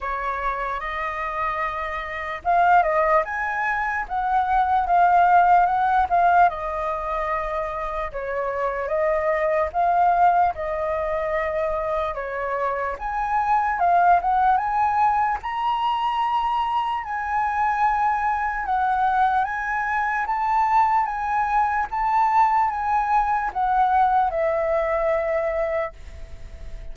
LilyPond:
\new Staff \with { instrumentName = "flute" } { \time 4/4 \tempo 4 = 74 cis''4 dis''2 f''8 dis''8 | gis''4 fis''4 f''4 fis''8 f''8 | dis''2 cis''4 dis''4 | f''4 dis''2 cis''4 |
gis''4 f''8 fis''8 gis''4 ais''4~ | ais''4 gis''2 fis''4 | gis''4 a''4 gis''4 a''4 | gis''4 fis''4 e''2 | }